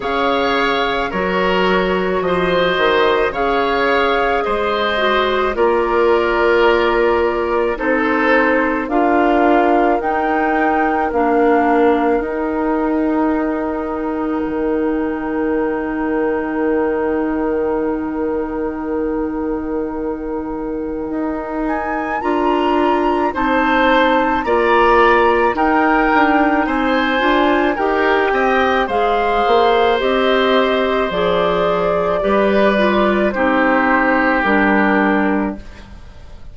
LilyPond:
<<
  \new Staff \with { instrumentName = "flute" } { \time 4/4 \tempo 4 = 54 f''4 cis''4 dis''4 f''4 | dis''4 d''2 c''4 | f''4 g''4 f''4 g''4~ | g''1~ |
g''2.~ g''8 gis''8 | ais''4 a''4 ais''4 g''4 | gis''4 g''4 f''4 dis''4 | d''2 c''4 ais'4 | }
  \new Staff \with { instrumentName = "oboe" } { \time 4/4 cis''4 ais'4 c''4 cis''4 | c''4 ais'2 a'4 | ais'1~ | ais'1~ |
ais'1~ | ais'4 c''4 d''4 ais'4 | c''4 ais'8 dis''8 c''2~ | c''4 b'4 g'2 | }
  \new Staff \with { instrumentName = "clarinet" } { \time 4/4 gis'4 fis'2 gis'4~ | gis'8 fis'8 f'2 dis'4 | f'4 dis'4 d'4 dis'4~ | dis'1~ |
dis'1 | f'4 dis'4 f'4 dis'4~ | dis'8 f'8 g'4 gis'4 g'4 | gis'4 g'8 f'8 dis'4 d'4 | }
  \new Staff \with { instrumentName = "bassoon" } { \time 4/4 cis4 fis4 f8 dis8 cis4 | gis4 ais2 c'4 | d'4 dis'4 ais4 dis'4~ | dis'4 dis2.~ |
dis2. dis'4 | d'4 c'4 ais4 dis'8 d'8 | c'8 d'8 dis'8 c'8 gis8 ais8 c'4 | f4 g4 c'4 g4 | }
>>